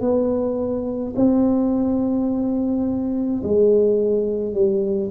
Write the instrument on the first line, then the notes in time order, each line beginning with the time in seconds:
tuba
0.00 B3
1.16 C4
3.43 G#3
4.54 G3